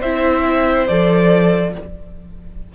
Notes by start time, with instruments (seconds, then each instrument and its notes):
0.00 cello C4, viola E4, violin C5 E5
0.87 cello F3, viola A4, violin D5